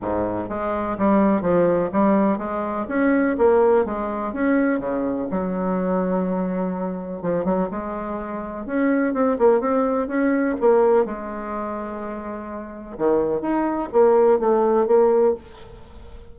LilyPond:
\new Staff \with { instrumentName = "bassoon" } { \time 4/4 \tempo 4 = 125 gis,4 gis4 g4 f4 | g4 gis4 cis'4 ais4 | gis4 cis'4 cis4 fis4~ | fis2. f8 fis8 |
gis2 cis'4 c'8 ais8 | c'4 cis'4 ais4 gis4~ | gis2. dis4 | dis'4 ais4 a4 ais4 | }